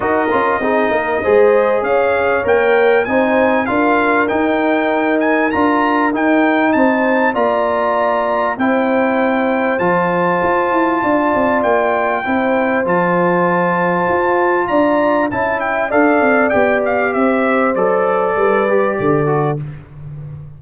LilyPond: <<
  \new Staff \with { instrumentName = "trumpet" } { \time 4/4 \tempo 4 = 98 dis''2. f''4 | g''4 gis''4 f''4 g''4~ | g''8 gis''8 ais''4 g''4 a''4 | ais''2 g''2 |
a''2. g''4~ | g''4 a''2. | ais''4 a''8 g''8 f''4 g''8 f''8 | e''4 d''2. | }
  \new Staff \with { instrumentName = "horn" } { \time 4/4 ais'4 gis'8 ais'8 c''4 cis''4~ | cis''4 c''4 ais'2~ | ais'2. c''4 | d''2 c''2~ |
c''2 d''2 | c''1 | d''4 e''4 d''2 | c''2 b'4 a'4 | }
  \new Staff \with { instrumentName = "trombone" } { \time 4/4 fis'8 f'8 dis'4 gis'2 | ais'4 dis'4 f'4 dis'4~ | dis'4 f'4 dis'2 | f'2 e'2 |
f'1 | e'4 f'2.~ | f'4 e'4 a'4 g'4~ | g'4 a'4. g'4 fis'8 | }
  \new Staff \with { instrumentName = "tuba" } { \time 4/4 dis'8 cis'8 c'8 ais8 gis4 cis'4 | ais4 c'4 d'4 dis'4~ | dis'4 d'4 dis'4 c'4 | ais2 c'2 |
f4 f'8 e'8 d'8 c'8 ais4 | c'4 f2 f'4 | d'4 cis'4 d'8 c'8 b4 | c'4 fis4 g4 d4 | }
>>